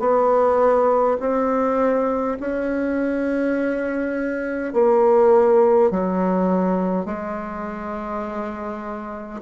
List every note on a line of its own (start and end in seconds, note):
0.00 1.18 B3
1.20 2.37 C4
2.41 4.73 C#4
4.73 5.91 A#3
5.91 7.06 F#3
7.06 9.41 G#3